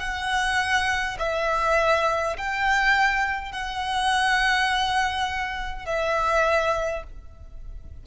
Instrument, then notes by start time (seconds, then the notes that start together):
violin
0.00 F#5
1.19 E5
2.38 G5
3.52 F#5
5.86 E5